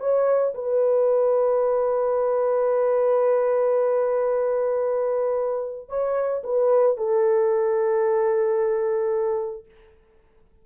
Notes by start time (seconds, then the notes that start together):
0.00 C#5
0.54 B4
5.89 C#5
6.44 B4
6.97 A4